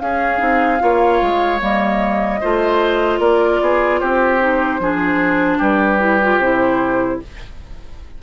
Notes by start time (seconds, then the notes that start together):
0.00 C#4 G#4 F5
0.39 C4 D#4
0.80 A#3 F4 C#5
1.22 G#3
1.60 G3 A#3 D#5
2.41 A3 F4 C5
3.20 A#3 A#4 D5
3.61 B3 G#4
4.00 C4 G4 C5
4.41 D#4
4.80 F3 D4 G#4
5.58 G3 G4 B4
6.00 E4
6.23 F4
6.39 C3 E4 C5